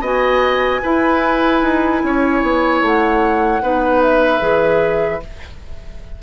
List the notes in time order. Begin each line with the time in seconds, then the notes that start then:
0.00 B3 F#4 D#5 G#5
0.82 E4 B4
1.62 D#4
2.03 C#4 C#5
2.42 B3
2.81 A3 F#5
3.62 B3 D#4 B4
4.02 E5
4.39 E3 G#4